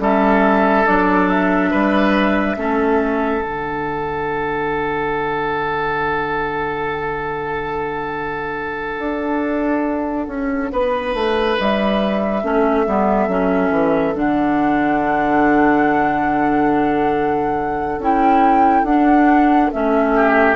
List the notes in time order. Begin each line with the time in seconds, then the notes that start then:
0.00 G3 C#4 A4 E5
0.86 F#3 D4 D5
1.29 E5
1.71 G3 B4
2.57 A3 C#4 A4
3.42 D3 D4 F#5
8.99 D4
10.28 C#4
10.72 B3 B4
11.14 A3
11.59 G3 E5
12.43 A3 C#4 A4
12.87 G3 B3
13.28 F#3 C#4
13.71 E3
14.15 D3 D4 F#5
17.99 C#4 E4 G5
18.83 D4 F#5
19.72 A3 C#4 E5
20.16 G4